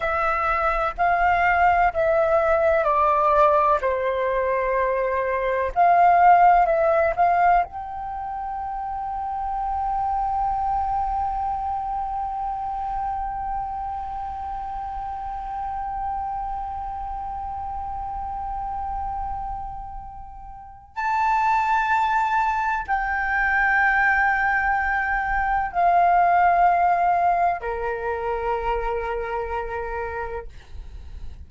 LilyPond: \new Staff \with { instrumentName = "flute" } { \time 4/4 \tempo 4 = 63 e''4 f''4 e''4 d''4 | c''2 f''4 e''8 f''8 | g''1~ | g''1~ |
g''1~ | g''2 a''2 | g''2. f''4~ | f''4 ais'2. | }